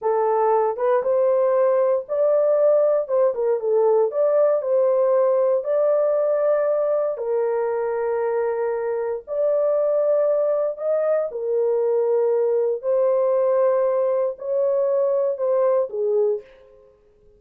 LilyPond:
\new Staff \with { instrumentName = "horn" } { \time 4/4 \tempo 4 = 117 a'4. b'8 c''2 | d''2 c''8 ais'8 a'4 | d''4 c''2 d''4~ | d''2 ais'2~ |
ais'2 d''2~ | d''4 dis''4 ais'2~ | ais'4 c''2. | cis''2 c''4 gis'4 | }